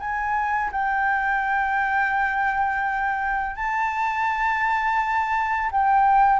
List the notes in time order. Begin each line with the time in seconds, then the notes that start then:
0.00 G#5
0.72 G5
3.56 A5
5.72 G5